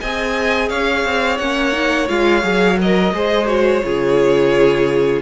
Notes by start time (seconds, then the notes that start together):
0.00 C4 G#4 D#5 G#5
0.69 C#4 C#5 F5
1.04 C4
1.38 A#3 C#4 F#5
1.72 D#4
2.08 G#3 F4 F5
2.42 F#3 G#4
2.78 A#4 D#5
3.14 G#3 G#4 C5
3.46 F#4 C#5
3.84 C#3 F4 G#4